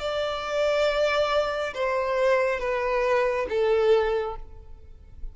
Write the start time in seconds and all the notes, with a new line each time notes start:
0.00 D5
1.74 C5
2.60 B4
3.49 A4